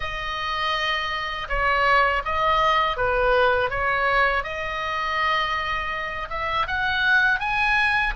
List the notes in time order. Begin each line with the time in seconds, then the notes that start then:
0.00 D#5
1.48 C#5
2.24 D#5
2.96 B4
3.70 C#5
4.43 D#5
6.29 E5
6.67 F#5
7.39 G#5